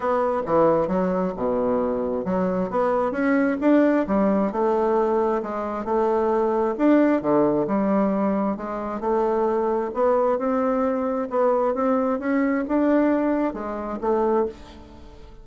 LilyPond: \new Staff \with { instrumentName = "bassoon" } { \time 4/4 \tempo 4 = 133 b4 e4 fis4 b,4~ | b,4 fis4 b4 cis'4 | d'4 g4 a2 | gis4 a2 d'4 |
d4 g2 gis4 | a2 b4 c'4~ | c'4 b4 c'4 cis'4 | d'2 gis4 a4 | }